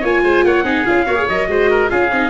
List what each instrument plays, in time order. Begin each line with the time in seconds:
0.00 tuba A#3, viola F4, oboe C#5, trumpet G#5
0.23 tuba G#3, oboe C5
0.44 tuba A#3, oboe C#5, trumpet F#5
0.63 tuba C4, viola D#4, oboe G#4
0.85 tuba C#4, viola F4, trumpet F5
1.05 tuba A#3, viola F#4, oboe C#5
1.15 viola G#4
1.29 tuba F#3, viola A#4, trumpet D#5
1.47 tuba G#3, viola F#4, oboe C5
1.70 oboe A#4
1.88 tuba C#4, viola F4, oboe G#4, trumpet F5
2.11 tuba C4, viola D#4